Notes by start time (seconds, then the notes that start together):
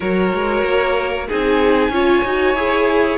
0.00 F#3 F#4 A#4 C#5
0.33 G#3
0.63 A#3
1.28 C4 D#4 G#4 G#5
1.89 C#4 F4 C#5
2.24 D#4 F#4
2.54 E4 G#4